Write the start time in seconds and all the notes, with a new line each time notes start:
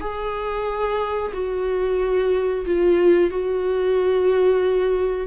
0.00 G#4
1.33 F#4
2.65 F4
3.30 F#4